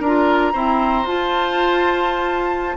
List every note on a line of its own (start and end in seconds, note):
0.00 0.53 D4
0.00 0.53 A#4
0.00 1.07 A#5
0.06 0.53 F4
0.53 1.06 C4
0.53 1.05 E4
0.53 2.77 C5
1.05 2.76 F4
1.05 2.78 F4
1.05 2.78 A5